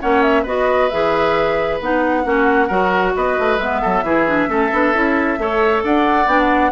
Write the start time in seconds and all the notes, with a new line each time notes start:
0.00 A#3 C#4 C#5 F#5
0.22 E5
0.42 B3 F#4 B4 D#5
0.89 E3 G#4 E5
1.80 B3 D#4 F#5
2.23 A#3 C#4 F#4
2.67 F#3 F#4 A#4
3.15 B3 B4 D#5
3.38 A3
3.58 G#3 B3 E5
3.81 F#3 A4
4.02 E3 E4 G#4
4.27 D4
4.48 A3 C#4 A4
4.71 B3 D4
4.93 C#4 E4
5.38 A3 A4 C#5
5.83 D4 D5 F#5
6.26 B3 D4 G5
6.39 F#5